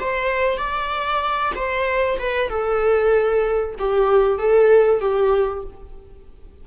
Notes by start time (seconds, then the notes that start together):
0.00 C5
0.57 D5
1.55 C5
2.18 B4
2.49 A4
3.79 G4
4.38 A4
5.00 G4